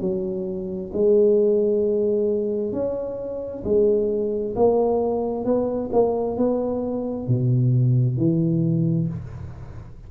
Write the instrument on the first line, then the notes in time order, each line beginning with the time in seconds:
tuba
0.00 F#3
0.93 G#3
2.72 C#4
3.64 G#3
4.55 A#3
5.44 B3
5.92 A#3
6.36 B3
7.27 B2
8.17 E3